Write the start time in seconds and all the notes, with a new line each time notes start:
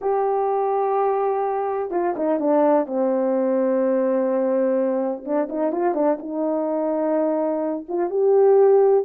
0.01 G4
1.90 F4
2.16 D#4
2.39 D4
2.86 C4
5.24 D4
5.49 D#4
5.72 F4
5.94 D4
6.19 D#4
7.88 F4
8.10 G4